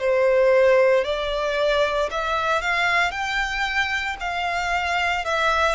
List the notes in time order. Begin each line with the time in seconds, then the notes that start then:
0.00 C5
1.05 D5
2.11 E5
2.62 F5
3.11 G5
4.20 F5
5.25 E5